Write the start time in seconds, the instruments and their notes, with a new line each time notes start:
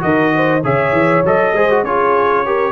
0.00 tuba D#3, trombone F#4, horn A#4, trumpet D#5
0.35 horn C5
0.64 tuba C#3, trombone G#4, horn C#5, trumpet E5
0.93 tuba E3
1.23 tuba F#3, trombone A4, trumpet D#5
1.53 tuba G#3, trombone G#4, horn C5
1.71 trombone F#4
1.83 tuba C#4, trombone F4, horn G#4, trumpet C#5
2.46 trombone G4, horn A#4